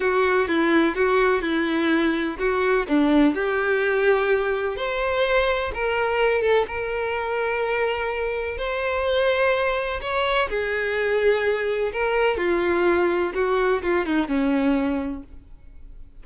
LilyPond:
\new Staff \with { instrumentName = "violin" } { \time 4/4 \tempo 4 = 126 fis'4 e'4 fis'4 e'4~ | e'4 fis'4 d'4 g'4~ | g'2 c''2 | ais'4. a'8 ais'2~ |
ais'2 c''2~ | c''4 cis''4 gis'2~ | gis'4 ais'4 f'2 | fis'4 f'8 dis'8 cis'2 | }